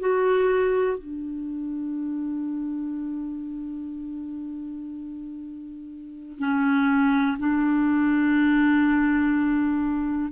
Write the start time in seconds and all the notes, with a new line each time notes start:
0.00 F#4
0.98 D4
6.39 C#4
7.39 D4